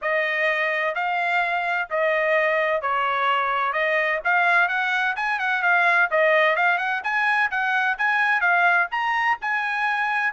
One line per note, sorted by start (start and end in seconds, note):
0.01 0.94 D#5
0.94 1.88 F5
1.90 2.81 D#5
2.81 3.73 C#5
3.73 4.20 D#5
4.24 4.68 F5
4.68 5.15 F#5
5.16 5.39 G#5
5.39 5.62 F#5
5.62 6.09 F5
6.11 6.56 D#5
6.56 6.78 F5
6.78 7.01 F#5
7.03 7.50 G#5
7.50 7.97 F#5
7.98 8.40 G#5
8.40 8.87 F5
8.91 9.38 A#5
9.41 10.33 G#5